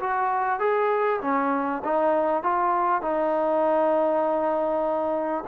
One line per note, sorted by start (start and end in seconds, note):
0.00 0.60 F#4
0.60 1.20 G#4
1.21 1.82 C#4
1.84 2.43 D#4
2.43 3.02 F4
3.02 5.44 D#4